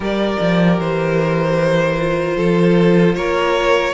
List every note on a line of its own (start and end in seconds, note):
0.00 0.36 G3
0.00 1.98 G4
0.00 2.37 A#4
0.00 0.79 D5
0.40 0.78 F3
0.78 2.36 E3
0.78 3.14 C5
1.98 3.93 F4
2.37 3.15 F3
2.37 3.15 A4
3.14 3.93 A#3
3.14 3.93 A#4
3.14 3.93 C#5